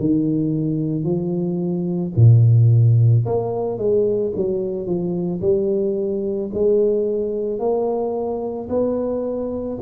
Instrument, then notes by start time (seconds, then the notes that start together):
tuba
0.00 D#3
1.04 F3
2.16 A#2
3.26 A#3
3.78 G#3
4.36 F#3
4.86 F3
5.41 G3
6.54 G#3
7.60 A#3
8.70 B3